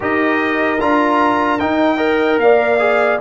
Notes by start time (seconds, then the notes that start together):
0.00 D#4 G4 A#4 D#5
0.80 D4 F4 A#5
1.59 D#4 G5
1.96 A#4 D#5
2.38 A#3 D5 F5
2.79 G#4